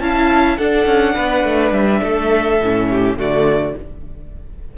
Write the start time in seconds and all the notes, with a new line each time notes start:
0.00 C#4 E4 F5 A5
0.57 D4 A4 F#5
0.86 C#4
1.14 B3 B4
1.44 A3
1.72 G3 E5
2.01 A3 A4
2.60 A2 C#4
2.90 G4
3.16 D3 A3 F#4 D5